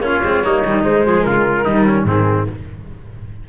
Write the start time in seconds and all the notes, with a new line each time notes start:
0.00 A#3 C#4 F4 C#5
0.23 G#3 C4
0.43 G3 A#3 D#4
0.65 D#3 G3
0.83 G#3 C5
1.05 F3 G#4
1.22 C#3 F4 A#4
1.64 D#3 G3 D#4
1.86 C#4
2.03 G#2 D#3 C4 G#4